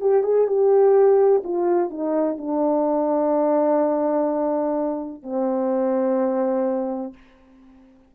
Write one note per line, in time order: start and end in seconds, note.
0.00 0.23 G4
0.23 0.47 G#4
0.47 1.42 G4
1.44 1.90 F4
1.90 2.37 D#4
2.37 5.23 D4
5.23 7.13 C4